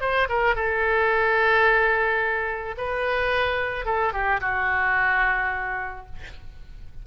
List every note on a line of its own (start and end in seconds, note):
0.00 0.28 C5
0.29 0.55 A#4
0.55 2.75 A4
2.77 3.85 B4
3.85 4.12 A4
4.12 4.40 G4
4.40 6.05 F#4